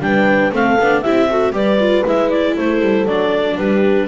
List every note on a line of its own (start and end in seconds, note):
0.00 0.51 G3
0.00 0.52 D4
0.00 0.54 B4
0.00 0.53 G5
0.52 0.78 A3
0.52 0.78 C4
0.52 1.03 A4
0.52 1.02 F5
0.79 1.05 B3
0.79 1.05 D4
1.02 1.52 C4
1.02 1.30 E4
1.02 1.29 G4
1.02 1.53 E5
1.30 1.53 F#4
1.30 1.53 A4
1.52 2.03 G3
1.52 1.78 G4
1.52 2.54 B4
1.52 2.06 D5
1.80 2.05 F4
2.06 2.57 G#3
2.06 3.07 E4
2.06 2.30 E5
2.30 2.56 D5
2.54 2.81 A3
2.54 3.56 A4
2.54 3.07 C5
2.81 3.06 G3
3.06 3.57 F#3
3.06 4.08 D4
3.06 3.58 D5
3.58 4.08 G3
3.58 4.08 G4
3.58 4.08 B4